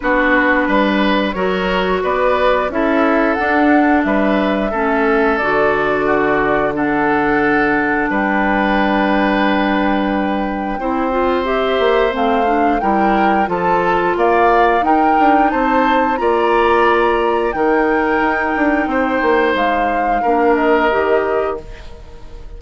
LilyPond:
<<
  \new Staff \with { instrumentName = "flute" } { \time 4/4 \tempo 4 = 89 b'2 cis''4 d''4 | e''4 fis''4 e''2 | d''2 fis''2 | g''1~ |
g''4 e''4 f''4 g''4 | a''4 f''4 g''4 a''4 | ais''2 g''2~ | g''4 f''4. dis''4. | }
  \new Staff \with { instrumentName = "oboe" } { \time 4/4 fis'4 b'4 ais'4 b'4 | a'2 b'4 a'4~ | a'4 fis'4 a'2 | b'1 |
c''2. ais'4 | a'4 d''4 ais'4 c''4 | d''2 ais'2 | c''2 ais'2 | }
  \new Staff \with { instrumentName = "clarinet" } { \time 4/4 d'2 fis'2 | e'4 d'2 cis'4 | fis'2 d'2~ | d'1 |
e'8 f'8 g'4 c'8 d'8 e'4 | f'2 dis'2 | f'2 dis'2~ | dis'2 d'4 g'4 | }
  \new Staff \with { instrumentName = "bassoon" } { \time 4/4 b4 g4 fis4 b4 | cis'4 d'4 g4 a4 | d1 | g1 |
c'4. ais8 a4 g4 | f4 ais4 dis'8 d'8 c'4 | ais2 dis4 dis'8 d'8 | c'8 ais8 gis4 ais4 dis4 | }
>>